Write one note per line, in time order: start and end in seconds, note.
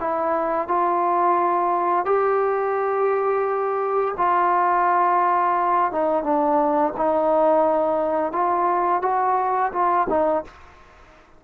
0.00 0.67 E4
0.67 2.05 F4
2.05 4.14 G4
4.17 5.92 F4
5.92 6.23 D#4
6.23 6.93 D4
6.96 8.32 D#4
8.32 9.02 F4
9.02 9.71 F#4
9.72 10.07 F4
10.09 10.44 D#4